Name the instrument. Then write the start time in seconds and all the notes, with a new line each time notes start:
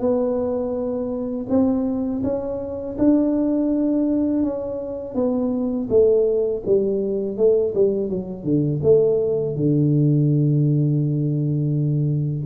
tuba
0.00 B3
1.49 C4
2.23 C#4
2.98 D4
4.43 C#4
5.15 B3
5.89 A3
6.66 G3
7.37 A3
7.75 G3
8.10 F#3
8.44 D3
8.83 A3
9.56 D3